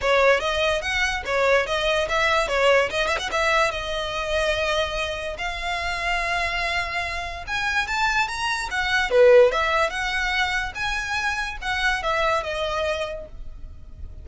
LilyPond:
\new Staff \with { instrumentName = "violin" } { \time 4/4 \tempo 4 = 145 cis''4 dis''4 fis''4 cis''4 | dis''4 e''4 cis''4 dis''8 e''16 fis''16 | e''4 dis''2.~ | dis''4 f''2.~ |
f''2 gis''4 a''4 | ais''4 fis''4 b'4 e''4 | fis''2 gis''2 | fis''4 e''4 dis''2 | }